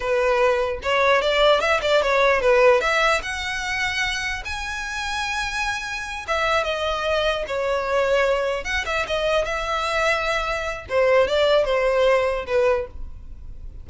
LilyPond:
\new Staff \with { instrumentName = "violin" } { \time 4/4 \tempo 4 = 149 b'2 cis''4 d''4 | e''8 d''8 cis''4 b'4 e''4 | fis''2. gis''4~ | gis''2.~ gis''8 e''8~ |
e''8 dis''2 cis''4.~ | cis''4. fis''8 e''8 dis''4 e''8~ | e''2. c''4 | d''4 c''2 b'4 | }